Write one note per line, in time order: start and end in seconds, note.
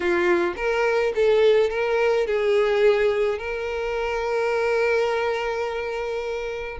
0.00 0.54 F4
0.56 1.13 A#4
1.15 1.70 A4
1.70 2.26 A#4
2.26 3.38 G#4
3.38 6.78 A#4